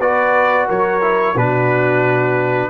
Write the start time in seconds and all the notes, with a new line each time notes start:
0.00 B3 F#4 B4 D5
0.67 F#3 A#4 C#5
1.02 E4
1.36 B2 D4 F#4 B4